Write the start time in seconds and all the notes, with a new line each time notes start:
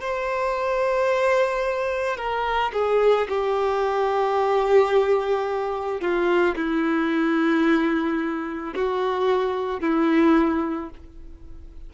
0.00 C5
2.17 A#4
2.73 G#4
3.28 G4
6.00 F4
6.55 E4
8.75 F#4
9.80 E4